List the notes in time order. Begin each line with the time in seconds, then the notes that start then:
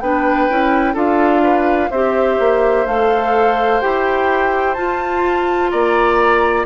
0.00 B3 D4 B4 G5
0.50 C#4 E4
0.94 D4 F4 A4 F5
1.43 B4
1.90 C4 G4 C5 E5
2.39 A#3
2.86 A3 A4 F5
3.81 E4 G4 G5
4.74 F4 A5
5.70 A#3 D5 A#5